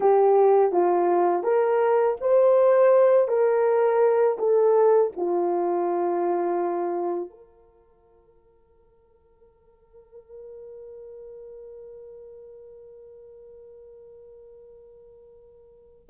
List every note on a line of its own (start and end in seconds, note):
0.00 0.72 G4
0.72 1.43 F4
1.43 2.16 A#4
2.21 3.28 C5
3.28 4.37 A#4
4.38 5.11 A4
5.16 7.30 F4
7.30 16.08 A#4